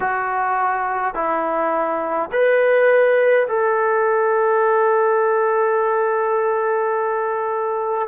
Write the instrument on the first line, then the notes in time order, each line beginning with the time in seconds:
trombone
0.00 F#4
1.14 E4
2.31 B4
3.48 A4